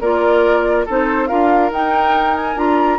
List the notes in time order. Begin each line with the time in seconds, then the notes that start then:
0.00 A#3 F4 A#4 D5
0.85 C4 D#4 A4 C5
1.27 D4 F4 A#4 F5
1.70 D#4 G5
2.36 G#5
2.55 D4 F4 A#5